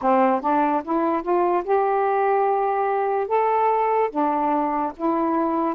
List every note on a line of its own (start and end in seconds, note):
0.01 0.41 C4
0.41 0.82 D4
0.84 1.22 E4
1.22 1.63 F4
1.64 3.27 G4
3.27 4.09 A4
4.10 4.92 D4
4.96 5.75 E4